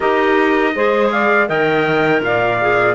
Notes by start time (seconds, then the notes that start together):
0.00 D#4 G4 A#4 D#5
0.75 G#3 G#4 C5
1.11 D5 F5
1.47 D#3 A#4 D#5 G5
2.21 A#2 D5 F5
2.60 G#4